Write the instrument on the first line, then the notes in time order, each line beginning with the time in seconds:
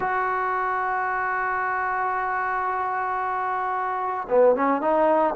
trombone
0.00 F#4
4.29 B3
4.55 C#4
4.81 D#4